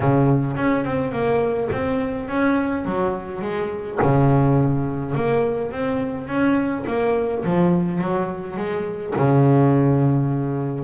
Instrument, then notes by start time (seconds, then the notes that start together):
double bass
0.00 C#3
0.56 C#4
0.84 C4
1.12 A#3
1.72 C4
2.28 C#4
2.85 F#3
3.41 G#3
4.02 C#3
5.14 A#3
5.71 C4
6.27 C#4
6.86 A#3
7.44 F3
8.01 F#3
8.56 G#3
9.16 C#3